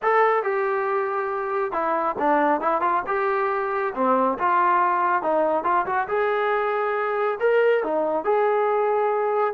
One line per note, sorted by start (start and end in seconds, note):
0.02 0.43 A4
0.43 1.72 G4
1.72 2.15 E4
2.19 2.60 D4
2.60 2.81 E4
2.81 3.02 F4
3.06 3.93 G4
3.94 4.37 C4
4.38 5.22 F4
5.22 5.63 D#4
5.63 5.85 F4
5.86 6.07 F#4
6.08 7.38 G#4
7.40 7.83 A#4
7.83 8.24 D#4
8.24 9.54 G#4